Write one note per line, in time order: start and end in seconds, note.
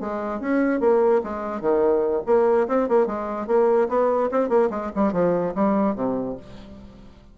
0.00 0.40 G#3
0.40 0.80 C#4
0.80 1.21 A#3
1.24 1.61 G#3
1.61 2.22 D#3
2.26 2.67 A#3
2.68 2.88 C4
2.88 3.06 A#3
3.06 3.47 G#3
3.47 3.88 A#3
3.89 4.30 B3
4.31 4.49 C4
4.49 4.69 A#3
4.70 4.91 G#3
4.95 5.12 G3
5.12 5.53 F3
5.55 5.95 G3
5.95 6.36 C3